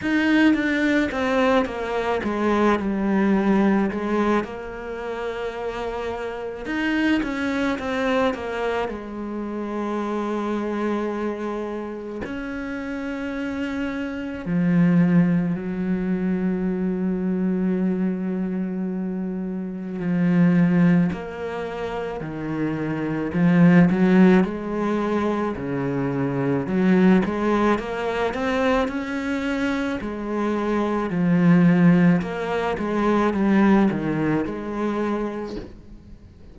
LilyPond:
\new Staff \with { instrumentName = "cello" } { \time 4/4 \tempo 4 = 54 dis'8 d'8 c'8 ais8 gis8 g4 gis8 | ais2 dis'8 cis'8 c'8 ais8 | gis2. cis'4~ | cis'4 f4 fis2~ |
fis2 f4 ais4 | dis4 f8 fis8 gis4 cis4 | fis8 gis8 ais8 c'8 cis'4 gis4 | f4 ais8 gis8 g8 dis8 gis4 | }